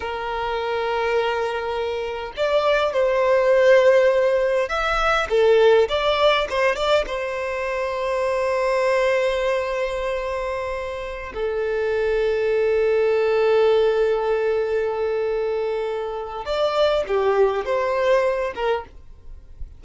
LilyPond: \new Staff \with { instrumentName = "violin" } { \time 4/4 \tempo 4 = 102 ais'1 | d''4 c''2. | e''4 a'4 d''4 c''8 d''8 | c''1~ |
c''2.~ c''16 a'8.~ | a'1~ | a'1 | d''4 g'4 c''4. ais'8 | }